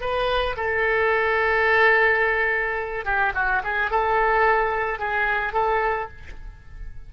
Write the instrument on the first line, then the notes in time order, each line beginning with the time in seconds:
oboe
0.00 B4
0.57 A4
3.05 G4
3.34 F#4
3.64 G#4
3.90 A4
4.99 G#4
5.53 A4